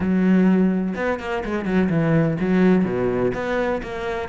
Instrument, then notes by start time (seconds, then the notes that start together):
cello
0.00 F#3
0.95 B3
1.19 A#3
1.44 G#3
1.65 F#3
1.89 E3
2.40 F#3
2.84 B2
3.34 B3
3.82 A#3